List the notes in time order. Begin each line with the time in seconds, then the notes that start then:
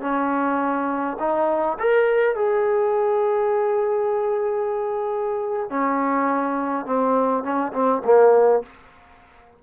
0.00 C#4
1.19 D#4
1.79 A#4
2.35 G#4
5.70 C#4
6.86 C4
7.43 C#4
7.72 C4
8.04 A#3